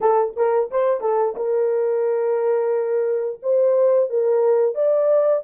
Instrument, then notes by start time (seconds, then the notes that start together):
horn
0.01 A4
0.36 A#4
0.71 C5
1.00 A4
1.35 A#4
3.42 C5
4.09 A#4
4.74 D5